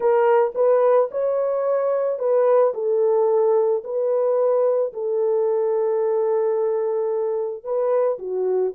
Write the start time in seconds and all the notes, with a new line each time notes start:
0.00 A#4
0.55 B4
1.11 C#5
2.18 B4
2.74 A4
3.83 B4
4.93 A4
7.64 B4
8.18 F#4